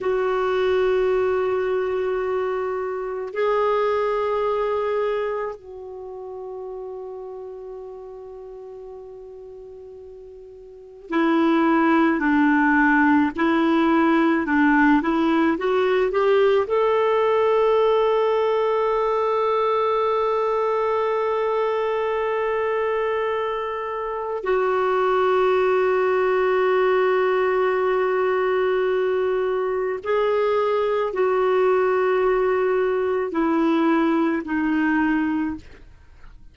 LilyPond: \new Staff \with { instrumentName = "clarinet" } { \time 4/4 \tempo 4 = 54 fis'2. gis'4~ | gis'4 fis'2.~ | fis'2 e'4 d'4 | e'4 d'8 e'8 fis'8 g'8 a'4~ |
a'1~ | a'2 fis'2~ | fis'2. gis'4 | fis'2 e'4 dis'4 | }